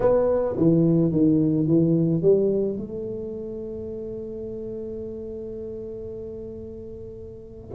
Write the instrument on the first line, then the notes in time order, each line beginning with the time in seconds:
tuba
0.00 B3
0.56 E3
1.11 D#3
1.66 E3
2.21 G3
2.76 A3